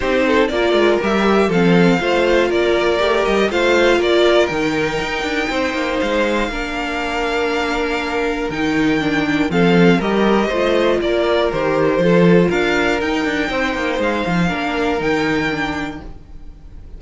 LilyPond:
<<
  \new Staff \with { instrumentName = "violin" } { \time 4/4 \tempo 4 = 120 c''4 d''4 e''4 f''4~ | f''4 d''4. dis''8 f''4 | d''4 g''2. | f''1~ |
f''4 g''2 f''4 | dis''2 d''4 c''4~ | c''4 f''4 g''2 | f''2 g''2 | }
  \new Staff \with { instrumentName = "violin" } { \time 4/4 g'8 a'8 ais'2 a'4 | c''4 ais'2 c''4 | ais'2. c''4~ | c''4 ais'2.~ |
ais'2. a'4 | ais'4 c''4 ais'2 | a'4 ais'2 c''4~ | c''4 ais'2. | }
  \new Staff \with { instrumentName = "viola" } { \time 4/4 dis'4 f'4 g'4 c'4 | f'2 g'4 f'4~ | f'4 dis'2.~ | dis'4 d'2.~ |
d'4 dis'4 d'4 c'4 | g'4 f'2 g'4 | f'2 dis'2~ | dis'4 d'4 dis'4 d'4 | }
  \new Staff \with { instrumentName = "cello" } { \time 4/4 c'4 ais8 gis8 g4 f4 | a4 ais4 a8 g8 a4 | ais4 dis4 dis'8 d'8 c'8 ais8 | gis4 ais2.~ |
ais4 dis2 f4 | g4 a4 ais4 dis4 | f4 d'4 dis'8 d'8 c'8 ais8 | gis8 f8 ais4 dis2 | }
>>